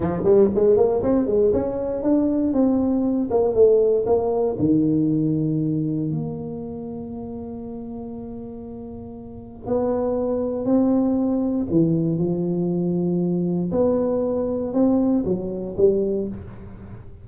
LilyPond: \new Staff \with { instrumentName = "tuba" } { \time 4/4 \tempo 4 = 118 f8 g8 gis8 ais8 c'8 gis8 cis'4 | d'4 c'4. ais8 a4 | ais4 dis2. | ais1~ |
ais2. b4~ | b4 c'2 e4 | f2. b4~ | b4 c'4 fis4 g4 | }